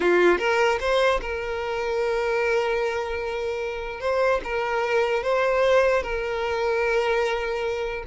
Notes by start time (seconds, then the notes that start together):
0.00 F4
0.38 A#4
0.80 C5
1.21 A#4
4.00 C5
4.43 A#4
5.23 C5
6.02 A#4